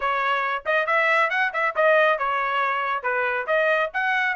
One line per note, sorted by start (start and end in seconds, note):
0.00 0.63 C#5
0.65 0.86 D#5
0.86 1.30 E5
1.30 1.51 F#5
1.53 1.75 E5
1.75 2.18 D#5
2.18 3.02 C#5
3.02 3.46 B4
3.46 3.90 D#5
3.93 4.36 F#5